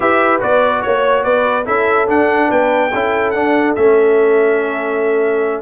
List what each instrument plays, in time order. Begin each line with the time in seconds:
0.00 tuba E4, trombone G4, horn B4, trumpet E5
0.39 tuba B3, trombone F#4, trumpet D5
0.82 tuba A#3, trumpet C#5, horn C#5
1.23 tuba B3, horn B4, trumpet D5
1.65 tuba C#4, trombone E4, horn A4, trumpet E5
2.07 trombone D4, tuba D4, trumpet F#5
2.47 tuba B3, horn B4, trumpet G5
2.90 tuba C#4, trombone E4, horn A4
3.31 tuba D4, trombone D4, trumpet F#5
3.75 tuba A3, trombone C#4, trumpet E5